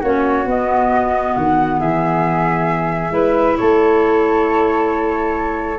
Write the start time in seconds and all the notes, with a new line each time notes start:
0.00 A#3 C#4 F#4 C#5
0.45 B3 D#5
1.35 D#3 F#5
1.79 E3 G#4 E5
3.10 G#3 E4 B4
3.57 A3 A4 C#5